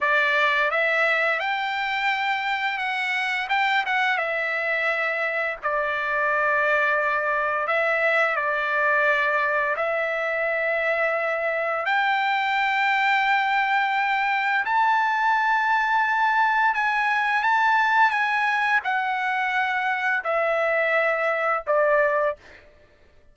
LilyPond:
\new Staff \with { instrumentName = "trumpet" } { \time 4/4 \tempo 4 = 86 d''4 e''4 g''2 | fis''4 g''8 fis''8 e''2 | d''2. e''4 | d''2 e''2~ |
e''4 g''2.~ | g''4 a''2. | gis''4 a''4 gis''4 fis''4~ | fis''4 e''2 d''4 | }